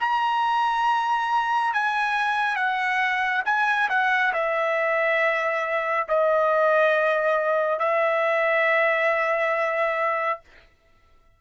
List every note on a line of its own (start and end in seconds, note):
0.00 1.74 A#5
1.74 2.56 G#5
2.56 3.43 F#5
3.45 3.89 G#5
3.89 4.33 F#5
4.33 6.07 E5
6.08 7.79 D#5
7.79 10.40 E5